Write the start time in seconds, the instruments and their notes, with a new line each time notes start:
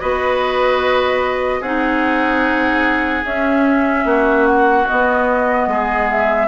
0.00 bassoon B3, clarinet F#4, oboe B4, flute D#5
1.60 bassoon C4, clarinet D#4, oboe G#4, flute F#5
3.24 clarinet C#4, bassoon C#4, flute E5
4.05 bassoon A#3, oboe F#4
4.46 flute F#5
4.87 clarinet B3, bassoon B3, flute D#5
5.67 bassoon G#3, oboe G#4
6.10 flute E5